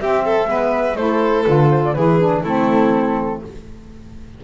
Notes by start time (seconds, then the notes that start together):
0.00 C4 G4 E5
0.25 A4
0.46 G#3 B3 B4
0.96 A3 E4 A4 C5
1.43 D3 F4 B4
1.71 C5
1.85 D5
1.94 E3 E4 G#4 B4
2.20 D4
2.43 A3 C4 E4 A4